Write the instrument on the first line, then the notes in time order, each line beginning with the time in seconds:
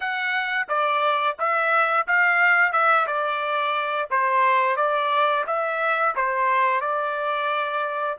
trumpet
0.00 F#5
0.68 D5
1.38 E5
2.07 F5
2.72 E5
3.07 D5
4.10 C5
4.76 D5
5.46 E5
6.15 C5
6.80 D5